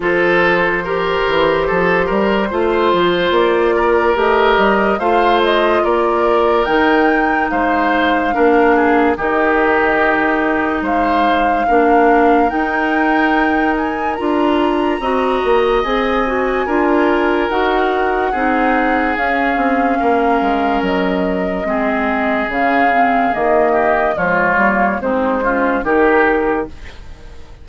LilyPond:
<<
  \new Staff \with { instrumentName = "flute" } { \time 4/4 \tempo 4 = 72 c''1 | d''4 dis''4 f''8 dis''8 d''4 | g''4 f''2 dis''4~ | dis''4 f''2 g''4~ |
g''8 gis''8 ais''2 gis''4~ | gis''4 fis''2 f''4~ | f''4 dis''2 f''4 | dis''4 cis''4 c''4 ais'4 | }
  \new Staff \with { instrumentName = "oboe" } { \time 4/4 a'4 ais'4 a'8 ais'8 c''4~ | c''8 ais'4. c''4 ais'4~ | ais'4 c''4 ais'8 gis'8 g'4~ | g'4 c''4 ais'2~ |
ais'2 dis''2 | ais'2 gis'2 | ais'2 gis'2~ | gis'8 g'8 f'4 dis'8 f'8 g'4 | }
  \new Staff \with { instrumentName = "clarinet" } { \time 4/4 f'4 g'2 f'4~ | f'4 g'4 f'2 | dis'2 d'4 dis'4~ | dis'2 d'4 dis'4~ |
dis'4 f'4 fis'4 gis'8 fis'8 | f'4 fis'4 dis'4 cis'4~ | cis'2 c'4 cis'8 c'8 | ais4 gis8 ais8 c'8 cis'8 dis'4 | }
  \new Staff \with { instrumentName = "bassoon" } { \time 4/4 f4. e8 f8 g8 a8 f8 | ais4 a8 g8 a4 ais4 | dis4 gis4 ais4 dis4~ | dis4 gis4 ais4 dis'4~ |
dis'4 d'4 c'8 ais8 c'4 | d'4 dis'4 c'4 cis'8 c'8 | ais8 gis8 fis4 gis4 cis4 | dis4 f8 g8 gis4 dis4 | }
>>